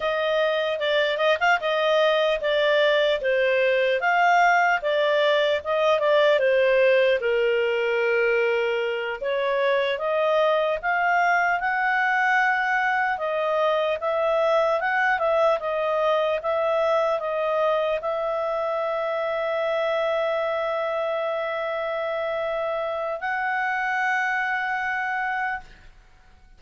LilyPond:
\new Staff \with { instrumentName = "clarinet" } { \time 4/4 \tempo 4 = 75 dis''4 d''8 dis''16 f''16 dis''4 d''4 | c''4 f''4 d''4 dis''8 d''8 | c''4 ais'2~ ais'8 cis''8~ | cis''8 dis''4 f''4 fis''4.~ |
fis''8 dis''4 e''4 fis''8 e''8 dis''8~ | dis''8 e''4 dis''4 e''4.~ | e''1~ | e''4 fis''2. | }